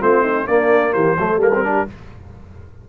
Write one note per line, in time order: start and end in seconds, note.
0.00 0.48 A3
0.00 0.47 C4
0.00 0.21 F4
0.00 0.47 C5
0.21 0.45 D#4
0.47 1.17 A#3
0.47 0.94 A#3
0.47 0.93 D4
0.47 0.93 D5
0.93 1.17 E3
0.93 1.16 G4
0.93 1.39 C5
1.17 1.36 F#3
1.17 1.39 A3
1.17 1.64 A4
1.36 1.83 G3
1.36 1.51 A#3
1.36 1.89 A#4
1.54 1.63 C4
1.63 1.87 D4
1.63 1.87 G4